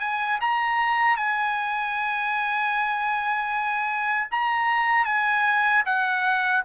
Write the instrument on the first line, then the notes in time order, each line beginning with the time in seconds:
trumpet
0.00 G#5
0.41 A#5
1.17 G#5
4.31 A#5
5.05 G#5
5.85 F#5